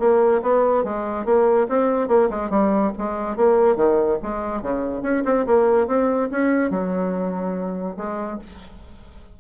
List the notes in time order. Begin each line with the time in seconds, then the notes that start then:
0.00 A#3
0.42 B3
0.85 G#3
1.26 A#3
1.69 C4
2.09 A#3
2.31 G#3
2.50 G3
2.98 G#3
3.37 A#3
3.76 D#3
4.23 G#3
4.62 C#3
5.03 C#4
5.25 C4
5.47 A#3
5.88 C4
6.31 C#4
6.71 F#3
7.97 G#3